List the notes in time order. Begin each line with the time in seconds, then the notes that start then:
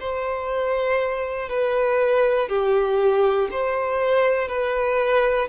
0.00 C5
1.49 B4
2.49 G4
3.51 C5
4.49 B4